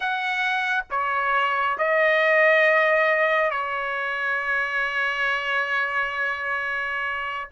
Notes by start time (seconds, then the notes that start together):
0.00 F#5
0.90 C#5
1.78 D#5
3.51 C#5